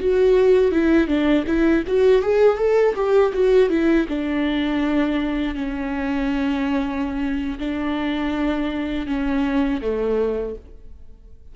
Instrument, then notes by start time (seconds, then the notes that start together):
viola
0.00 F#4
0.71 E4
1.07 D4
1.47 E4
1.87 F#4
2.22 G#4
2.58 A4
2.95 G4
3.33 F#4
3.69 E4
4.08 D4
5.55 C#4
7.58 D4
9.06 C#4
9.81 A3